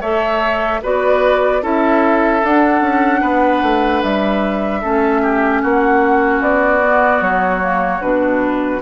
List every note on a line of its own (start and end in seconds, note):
0.00 0.81 A3
0.00 0.82 A4
0.00 0.80 C#5
0.00 0.81 E5
0.82 1.62 B3
0.82 1.61 F#4
0.82 1.62 B4
0.82 1.64 D5
1.61 2.42 C#4
1.61 2.41 E4
1.61 3.20 A4
1.61 2.45 E5
2.43 2.81 D4
2.43 4.82 D4
2.43 4.02 F#5
2.81 3.21 C#4
3.20 3.62 B3
3.20 4.80 B4
3.62 4.02 A3
4.02 4.83 G3
4.02 5.62 E5
4.81 5.63 A3
4.81 6.81 C#4
4.81 5.21 A4
5.22 5.62 G4
5.62 6.40 A#3
5.62 8.82 F#4
5.62 6.42 F#5
6.40 7.20 B3
6.40 7.22 D5
6.81 7.60 B3
7.21 8.01 F#3
7.21 8.01 C#5
7.60 8.00 A#3
8.01 8.81 B2
8.01 8.80 D4
8.01 8.81 B4